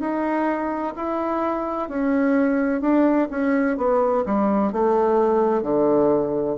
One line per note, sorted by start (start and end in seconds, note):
0.00 0.94 D#4
0.96 1.89 E4
1.89 2.82 C#4
2.82 3.29 D4
3.31 3.78 C#4
3.78 4.24 B3
4.26 4.73 G3
4.73 5.63 A3
5.63 6.57 D3